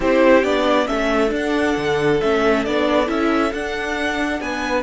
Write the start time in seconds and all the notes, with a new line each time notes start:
0.00 C4 E4 G4 C5
0.43 B3 D4 D5
0.86 A3 C#4 A4 E5
1.28 D4
1.35 F#5
1.76 D3
2.20 A3 C#4 E5
2.64 B3 D4 D5
3.06 C#4 E4 E5
3.53 D4 F#5
4.40 B3 B4 G#5